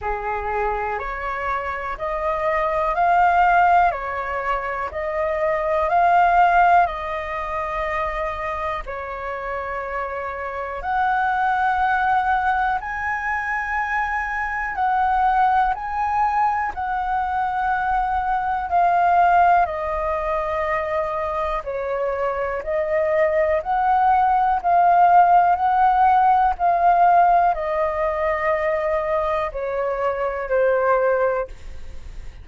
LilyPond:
\new Staff \with { instrumentName = "flute" } { \time 4/4 \tempo 4 = 61 gis'4 cis''4 dis''4 f''4 | cis''4 dis''4 f''4 dis''4~ | dis''4 cis''2 fis''4~ | fis''4 gis''2 fis''4 |
gis''4 fis''2 f''4 | dis''2 cis''4 dis''4 | fis''4 f''4 fis''4 f''4 | dis''2 cis''4 c''4 | }